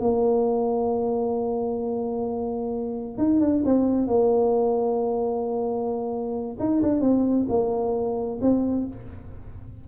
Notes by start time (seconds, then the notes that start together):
0.00 A#3
3.18 D#4
3.40 D4
3.65 C4
4.07 A#3
6.60 D#4
6.83 D4
7.01 C4
7.49 A#3
8.42 C4